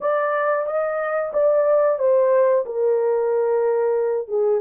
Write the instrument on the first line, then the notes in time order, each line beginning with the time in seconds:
horn
0.00 D5
0.66 D#5
1.33 D5
1.98 C5
2.65 A#4
4.28 G#4